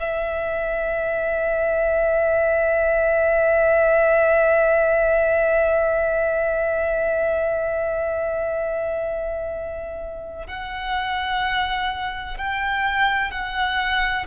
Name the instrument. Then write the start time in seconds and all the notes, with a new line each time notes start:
violin
0.00 E5
10.47 F#5
12.38 G5
13.31 F#5